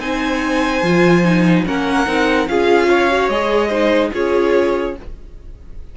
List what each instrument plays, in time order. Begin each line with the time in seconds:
0.00 cello C4, viola D#4, violin C5 G#5
0.82 cello F3, viola F4
1.25 viola D#4
1.66 cello A#3, viola C#4, violin A#4 F#5
2.06 cello C4, viola D#4
2.48 cello C#4, viola F4, violin G#4 F5
2.89 violin C#5
3.11 viola F#4
3.29 cello G#3, viola G#4, violin D#5
3.69 viola D#4, violin C5
4.13 cello C#4, viola F4, violin G#4 C#5